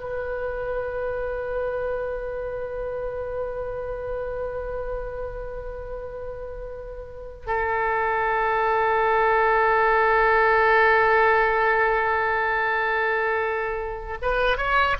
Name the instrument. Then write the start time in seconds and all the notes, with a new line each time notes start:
oboe
0.00 B4
7.47 A4
14.22 B4
14.58 C#5